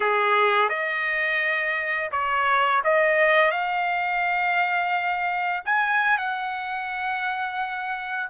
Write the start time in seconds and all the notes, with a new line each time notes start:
0.00 G#4
0.69 D#5
2.11 C#5
2.84 D#5
3.51 F5
5.65 G#5
6.18 F#5